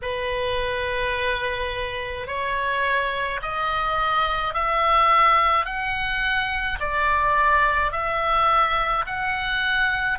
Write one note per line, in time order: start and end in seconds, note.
0.02 2.27 B4
2.27 3.40 C#5
3.42 4.53 D#5
4.53 5.65 E5
5.65 6.78 F#5
6.79 7.91 D5
7.91 9.05 E5
9.06 10.18 F#5